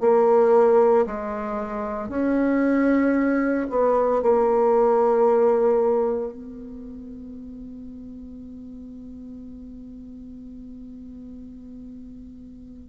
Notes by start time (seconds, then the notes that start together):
0.00 A#3
1.06 G#3
2.09 C#4
3.69 B3
4.22 A#3
6.32 B3